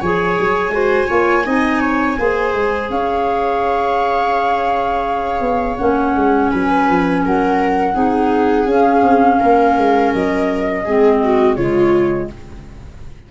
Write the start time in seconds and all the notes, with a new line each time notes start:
0.00 F3 G#4 C#5 G#5
0.38 F#3
0.69 G#3 F#4 C5
1.07 A#3 F4 C#5
1.44 C4 D#4 D#5
1.81 C#5
2.18 A#3 G#4 C5
2.54 G#3
2.90 C#4 C#5 F5
5.41 B3
5.77 A#3 C#4 F#5
6.15 G#3
6.51 F#3 B4 G#5
6.89 F3
7.25 F#3 A#4 F#5
7.94 C4 D#4 G#4
8.66 C#4 F5
9.02 C4
9.39 A#3 A#4
9.77 G#3
10.14 F#3 D#5
10.84 G#3 C4 G#4
11.23 F#4
11.55 C#3 G#3 F4 C#5